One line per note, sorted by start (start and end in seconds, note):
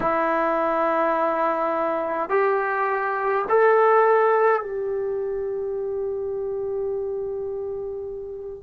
0.00 2.29 E4
2.29 3.45 G4
3.49 4.61 A4
4.61 8.62 G4